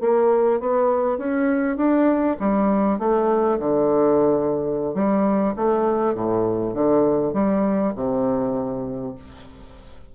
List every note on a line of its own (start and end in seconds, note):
0.00 0.60 A#3
0.60 1.18 B3
1.18 1.76 C#4
1.76 2.36 D4
2.39 2.99 G3
2.99 3.59 A3
3.59 4.94 D3
4.94 5.54 G3
5.56 6.14 A3
6.14 6.74 A2
6.74 7.33 D3
7.33 7.93 G3
7.95 9.15 C3